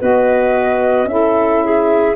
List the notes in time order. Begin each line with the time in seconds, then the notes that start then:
0.00 B3 F#4 B4 D#5
1.05 C#4 E4 E5
1.12 A4
1.65 G#4